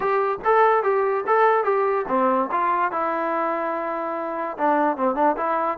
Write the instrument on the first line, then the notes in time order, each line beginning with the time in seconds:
trombone
0.00 G4
0.44 A4
0.83 G4
1.26 A4
1.64 G4
2.08 C4
2.51 F4
2.91 E4
4.57 D4
4.96 C4
5.15 D4
5.36 E4